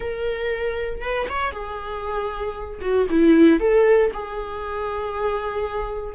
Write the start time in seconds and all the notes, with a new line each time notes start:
0.00 A#4
1.01 B4
1.29 C#5
1.51 G#4
2.81 F#4
3.09 E4
3.60 A4
4.13 G#4